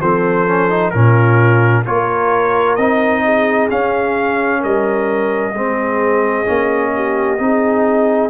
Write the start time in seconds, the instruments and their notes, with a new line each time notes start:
0.00 tuba F3, trombone C4, horn A4, trumpet C5
0.47 trombone C#4
0.70 trombone D#4
0.90 tuba A#2, trombone C#4, horn F4, trumpet A#4
1.83 tuba A#3, trombone F4, horn A#4, trumpet C#5
2.76 tuba C4, trombone D#4, trumpet D#5
3.24 horn G#4
3.70 trombone C#4, tuba C#4, trumpet F5
4.60 tuba G3, horn A#4, trumpet D#5
5.53 tuba G#3, trombone C4, horn G#4
6.45 tuba A#3, trombone C#4
6.95 horn G4
7.38 tuba C4, trombone D#4, horn G#4